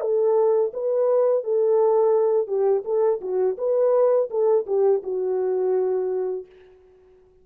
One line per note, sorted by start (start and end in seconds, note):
0.00 0.71 A4
0.73 1.44 B4
1.44 2.47 A4
2.47 2.83 G4
2.84 3.20 A4
3.21 3.56 F#4
3.57 4.29 B4
4.30 4.66 A4
4.67 5.02 G4
5.03 6.45 F#4